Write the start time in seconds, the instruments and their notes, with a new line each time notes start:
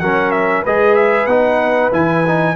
0.00 tuba F#3, trombone C#4, horn A#4, trumpet F#5
0.31 trumpet E5
0.62 tuba G#3, trombone G#4, horn B4, trumpet D#5
0.95 trumpet E5
1.26 tuba B3, trombone D#4, trumpet F#5
1.91 tuba E3, trombone E4, trumpet G#5
2.27 trombone D#4